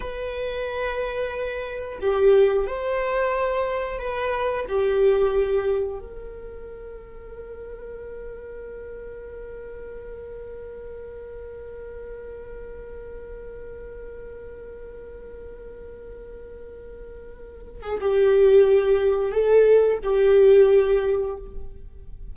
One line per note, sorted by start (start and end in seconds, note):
0.00 1.98 B4
2.00 2.66 G4
2.66 3.99 C5
3.99 4.65 B4
4.68 5.99 G4
5.99 17.82 A#4
17.82 17.98 G#4
18.00 19.32 G4
19.32 19.98 A4
20.03 21.36 G4